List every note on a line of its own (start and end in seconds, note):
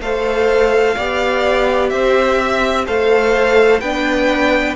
0.00 0.95 A3
0.00 0.96 A4
0.00 0.95 C5
0.00 1.89 F5
0.95 1.91 B3
0.95 2.87 G4
0.95 1.90 D5
1.89 2.87 C4
1.89 2.38 C5
1.89 2.84 E5
2.38 2.86 E5
2.86 3.81 A3
2.86 3.82 A4
2.86 3.80 C5
2.86 3.80 F5
3.80 4.75 B3
3.80 4.75 D4
3.80 4.75 B4
3.80 4.75 G5